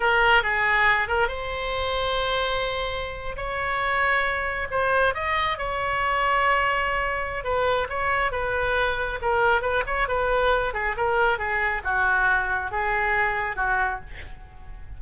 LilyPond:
\new Staff \with { instrumentName = "oboe" } { \time 4/4 \tempo 4 = 137 ais'4 gis'4. ais'8 c''4~ | c''2.~ c''8. cis''16~ | cis''2~ cis''8. c''4 dis''16~ | dis''8. cis''2.~ cis''16~ |
cis''4 b'4 cis''4 b'4~ | b'4 ais'4 b'8 cis''8 b'4~ | b'8 gis'8 ais'4 gis'4 fis'4~ | fis'4 gis'2 fis'4 | }